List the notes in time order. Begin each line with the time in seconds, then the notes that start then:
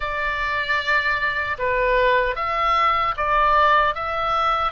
0.00 D5
1.58 B4
2.35 E5
3.16 D5
3.94 E5